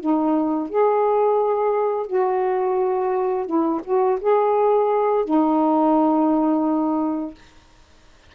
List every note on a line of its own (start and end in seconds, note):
0.00 0.69 D#4
0.69 2.07 G#4
2.07 3.46 F#4
3.46 3.81 E4
3.84 4.19 F#4
4.21 5.25 G#4
5.25 7.34 D#4